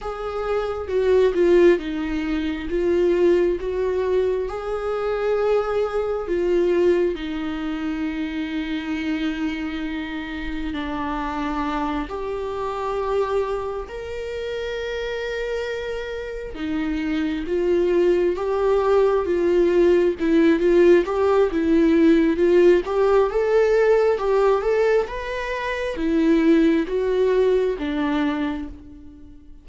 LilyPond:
\new Staff \with { instrumentName = "viola" } { \time 4/4 \tempo 4 = 67 gis'4 fis'8 f'8 dis'4 f'4 | fis'4 gis'2 f'4 | dis'1 | d'4. g'2 ais'8~ |
ais'2~ ais'8 dis'4 f'8~ | f'8 g'4 f'4 e'8 f'8 g'8 | e'4 f'8 g'8 a'4 g'8 a'8 | b'4 e'4 fis'4 d'4 | }